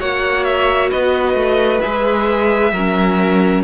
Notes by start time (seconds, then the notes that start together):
0.00 A#3 F#4 C#5 F#5
0.44 E5
0.90 B3 B4 D#5
1.34 A3
1.81 G#3 G#4 E5
2.72 F#3 C#4 A#4